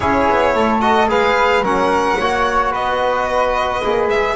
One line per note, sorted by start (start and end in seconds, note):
0.00 0.28 C#4
0.00 0.80 E4
0.00 0.52 G#4
0.00 0.80 C#5
0.30 0.55 B3
0.55 1.09 A3
0.55 1.09 A4
0.80 1.07 F#4
0.80 1.08 D#5
1.08 1.61 G#3
1.08 1.62 G#4
1.08 1.63 B4
1.08 1.64 F5
1.61 2.16 F#3
1.61 2.18 C#4
1.61 2.17 A#4
1.61 2.73 F#5
2.18 2.73 A#3
2.18 3.83 F#4
2.18 2.71 C#5
2.71 3.82 B3
2.71 4.35 B4
2.71 4.09 D#5
3.83 4.07 A#3
3.83 4.35 G#4
4.07 4.35 G#3
4.07 4.35 E5